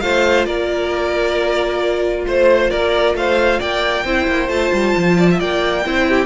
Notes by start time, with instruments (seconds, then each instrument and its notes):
0.00 cello A3, viola F4, violin C5 F5
0.45 cello A#3, violin A#4 D5
2.26 cello A3, violin C5
2.70 cello A#3, violin A#4 D5
3.14 cello A3, violin C5 F5
3.59 cello A#3, violin D5 G5
4.04 cello C4, viola E4, violin C5
4.27 cello A#3
4.48 cello A3, viola F4, violin A5
4.72 cello G3
4.96 cello F3
5.17 violin D5
5.31 violin E5
5.39 cello A#3, violin D5 G5
5.85 cello C4, viola E4, violin C5
6.08 violin G4